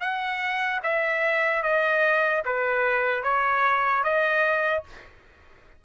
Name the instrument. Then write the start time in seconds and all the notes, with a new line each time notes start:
trumpet
0.00 F#5
0.83 E5
1.63 D#5
2.45 B4
3.23 C#5
4.03 D#5